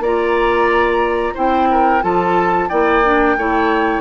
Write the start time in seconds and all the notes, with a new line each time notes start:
0.00 A#3 F4 D5 A#5
1.35 C4 E4 C5 G5
1.72 A#4
2.02 F3 F4 A4 A5
2.69 A#3 E4 D5 G5
3.05 D4
3.37 A3 E4 C#5